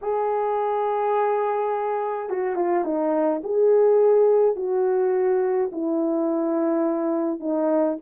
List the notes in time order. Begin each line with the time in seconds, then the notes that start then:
0.01 G#4
2.29 F#4
2.55 F4
2.84 D#4
3.43 G#4
4.56 F#4
5.72 E4
7.40 D#4